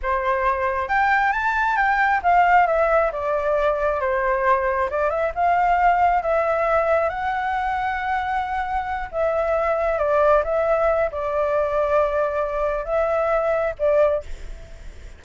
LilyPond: \new Staff \with { instrumentName = "flute" } { \time 4/4 \tempo 4 = 135 c''2 g''4 a''4 | g''4 f''4 e''4 d''4~ | d''4 c''2 d''8 e''8 | f''2 e''2 |
fis''1~ | fis''8 e''2 d''4 e''8~ | e''4 d''2.~ | d''4 e''2 d''4 | }